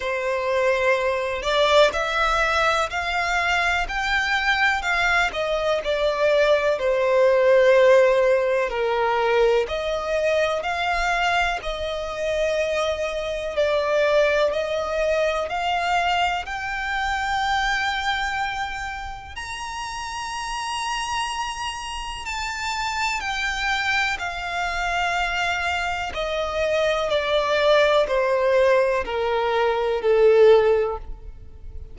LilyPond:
\new Staff \with { instrumentName = "violin" } { \time 4/4 \tempo 4 = 62 c''4. d''8 e''4 f''4 | g''4 f''8 dis''8 d''4 c''4~ | c''4 ais'4 dis''4 f''4 | dis''2 d''4 dis''4 |
f''4 g''2. | ais''2. a''4 | g''4 f''2 dis''4 | d''4 c''4 ais'4 a'4 | }